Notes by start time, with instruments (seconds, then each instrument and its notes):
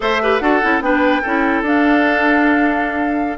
0.00 bassoon A3, clarinet A4, oboe C5, flute E5
0.22 clarinet G4, oboe B4
0.39 bassoon D4, clarinet F#4, oboe A4, flute F#5
0.62 bassoon C#4, clarinet E4
0.80 bassoon B3, clarinet D4, oboe B4, flute G5
1.22 bassoon C#4, clarinet E4, oboe A4
1.62 bassoon D4, clarinet D4, flute F5